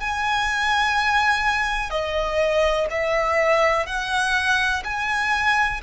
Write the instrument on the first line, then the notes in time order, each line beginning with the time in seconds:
violin
0.00 G#5
1.90 D#5
2.90 E5
3.86 F#5
4.84 G#5